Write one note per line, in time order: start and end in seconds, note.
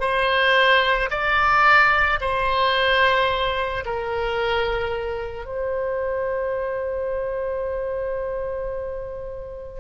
0.00 1.09 C5
1.11 2.20 D5
2.21 3.84 C5
3.85 5.45 A#4
5.45 9.80 C5